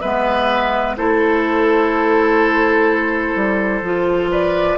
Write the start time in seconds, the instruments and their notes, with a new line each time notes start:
0.00 bassoon G#3, clarinet B3, oboe B4, flute E5
0.96 bassoon A3, clarinet E4, oboe A4, flute C5
3.35 bassoon G3
3.81 bassoon F3, clarinet F4
4.31 oboe B4, flute D5